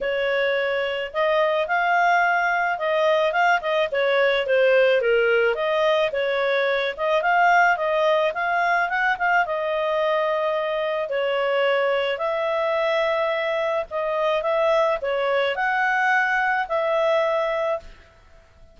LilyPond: \new Staff \with { instrumentName = "clarinet" } { \time 4/4 \tempo 4 = 108 cis''2 dis''4 f''4~ | f''4 dis''4 f''8 dis''8 cis''4 | c''4 ais'4 dis''4 cis''4~ | cis''8 dis''8 f''4 dis''4 f''4 |
fis''8 f''8 dis''2. | cis''2 e''2~ | e''4 dis''4 e''4 cis''4 | fis''2 e''2 | }